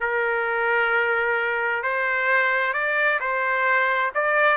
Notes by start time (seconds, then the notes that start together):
0.00 A#4
1.83 C5
2.73 D5
3.20 C5
4.14 D5